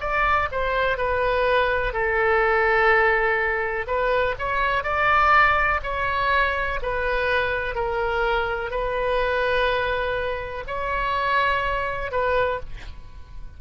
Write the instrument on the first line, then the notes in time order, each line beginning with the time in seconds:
oboe
0.00 D5
0.51 C5
0.97 B4
1.93 A4
3.87 B4
4.39 C#5
4.83 D5
5.83 C#5
6.82 B4
7.75 A#4
8.71 B4
10.67 C#5
12.11 B4